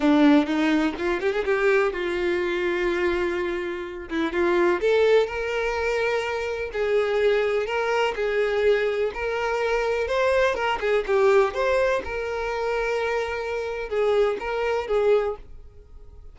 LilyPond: \new Staff \with { instrumentName = "violin" } { \time 4/4 \tempo 4 = 125 d'4 dis'4 f'8 g'16 gis'16 g'4 | f'1~ | f'8 e'8 f'4 a'4 ais'4~ | ais'2 gis'2 |
ais'4 gis'2 ais'4~ | ais'4 c''4 ais'8 gis'8 g'4 | c''4 ais'2.~ | ais'4 gis'4 ais'4 gis'4 | }